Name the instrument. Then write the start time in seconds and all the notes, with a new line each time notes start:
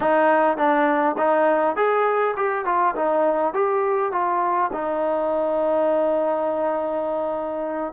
trombone
0.00 D#4
0.57 D4
1.17 D#4
1.76 G#4
2.36 G4
2.65 F4
2.95 D#4
3.53 G4
4.11 F4
4.72 D#4